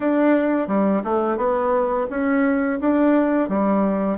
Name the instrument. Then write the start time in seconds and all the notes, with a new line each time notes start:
bassoon
0.00 D4
0.67 G3
1.04 A3
1.37 B3
2.09 C#4
2.80 D4
3.48 G3